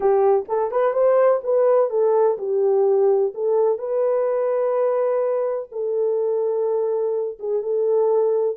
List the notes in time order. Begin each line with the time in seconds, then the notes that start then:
0.00 G4
0.48 A4
0.71 B4
0.93 C5
1.43 B4
1.90 A4
2.38 G4
3.34 A4
3.78 B4
5.71 A4
7.39 G#4
7.62 A4